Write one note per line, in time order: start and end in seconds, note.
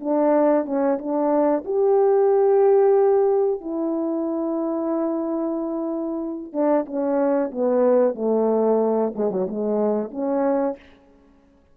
0.00 0.65 D4
0.65 0.98 C#4
0.98 1.64 D4
1.65 3.60 G4
3.61 6.52 E4
6.52 6.85 D4
6.85 7.51 C#4
7.51 8.15 B3
8.15 9.13 A3
9.15 9.31 G#3
9.31 9.47 F#3
9.48 10.11 G#3
10.11 10.76 C#4